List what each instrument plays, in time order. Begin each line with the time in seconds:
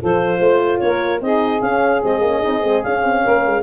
0.00 tuba F3, horn F4, saxophone A4, clarinet C5
0.39 tuba A3, saxophone C5
0.80 tuba A#3, saxophone A#4, clarinet C#5
1.21 tuba C4, horn D#4, saxophone G#4, clarinet D#5
1.61 horn C#4, tuba C#4, clarinet F5
2.03 tuba G#3, horn C4, clarinet D#5
2.21 tuba A#3, horn C#4
2.42 tuba C4, horn D#4
2.63 tuba G#3, horn C4
2.84 horn C#4, tuba C#4, clarinet F5
3.03 tuba C4
3.24 tuba A#3, saxophone A#4
3.46 tuba G#3